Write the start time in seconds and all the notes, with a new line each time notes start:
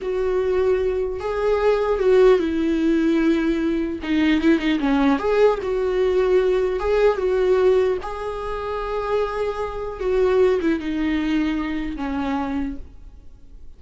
0.01 F#4
1.20 G#4
1.99 F#4
2.39 E4
4.02 D#4
4.41 E4
4.58 D#4
4.79 C#4
5.19 G#4
5.62 F#4
6.79 G#4
7.17 F#4
8.02 G#4
10.00 F#4
10.61 E4
10.79 D#4
11.96 C#4